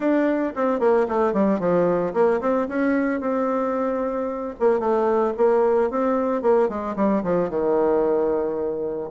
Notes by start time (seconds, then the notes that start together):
0.00 D4
0.55 C4
0.79 A#3
1.08 A3
1.33 G3
1.59 F3
2.13 A#3
2.40 C4
2.68 C#4
3.20 C4
4.59 A#3
4.79 A3
5.37 A#3
5.90 C4
6.42 A#3
6.68 G#3
6.96 G3
7.23 F3
7.49 D#3